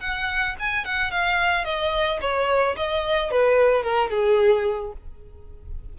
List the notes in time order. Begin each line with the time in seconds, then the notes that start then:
0.00 F#5
0.59 G#5
0.85 F#5
1.11 F5
1.65 D#5
2.21 C#5
2.76 D#5
3.31 B4
3.83 A#4
4.10 G#4